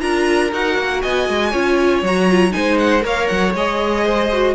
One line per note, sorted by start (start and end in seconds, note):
0.00 0.53 D4
0.00 0.50 F4
0.00 1.03 A#4
0.00 0.51 A#5
0.53 0.78 D#4
0.53 1.53 F#4
0.53 1.02 F#5
0.78 1.03 A#3
1.02 1.29 B3
1.02 1.51 D#5
1.02 2.03 G#5
1.29 1.53 G#3
1.51 2.03 C#4
1.51 2.03 F4
1.51 2.52 C#5
2.03 2.53 F#3
2.03 2.30 F#4
2.03 2.53 A#5
2.30 2.51 F4
2.51 3.04 G#3
2.51 3.00 D#4
2.51 3.05 C5
2.51 2.78 G#5
2.78 3.04 F#5
3.00 3.29 A#3
3.00 3.51 A#4
3.00 4.05 C#5
3.00 3.28 F5
3.28 3.54 F#3
3.28 3.53 F#5
3.54 4.55 G#3
3.54 4.33 G#4
3.54 4.55 D#5
4.05 4.55 C5
4.33 4.55 F#4